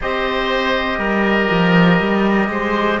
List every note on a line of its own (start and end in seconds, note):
0.01 0.98 C4
0.01 3.00 G4
0.01 0.99 C5
0.01 3.00 D#5
0.98 1.48 G3
0.98 2.49 A#4
1.50 2.00 F3
2.00 2.48 G3
2.48 2.98 G#3
2.48 3.00 C5